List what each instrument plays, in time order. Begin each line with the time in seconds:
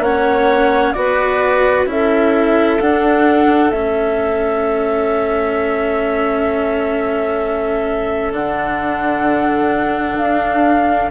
0.00 bassoon A#3, cello C#4, clarinet C#5, flute F#5
0.93 bassoon B3, cello F#4, clarinet B4, flute D5
1.86 bassoon C#4, cello E4, clarinet A4, flute E5
2.81 cello D4, bassoon D4, flute F#5
3.71 bassoon A3, cello C#4, flute E5
8.32 bassoon D3, cello D4, flute F#5
10.18 bassoon D4, flute F5